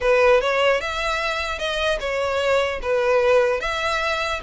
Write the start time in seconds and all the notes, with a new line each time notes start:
0.01 B4
0.41 C#5
0.81 E5
1.59 D#5
2.00 C#5
2.81 B4
3.60 E5